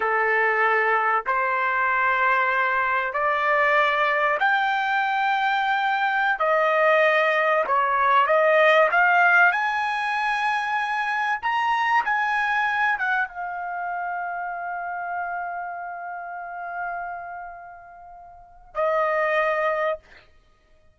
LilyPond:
\new Staff \with { instrumentName = "trumpet" } { \time 4/4 \tempo 4 = 96 a'2 c''2~ | c''4 d''2 g''4~ | g''2~ g''16 dis''4.~ dis''16~ | dis''16 cis''4 dis''4 f''4 gis''8.~ |
gis''2~ gis''16 ais''4 gis''8.~ | gis''8. fis''8 f''2~ f''8.~ | f''1~ | f''2 dis''2 | }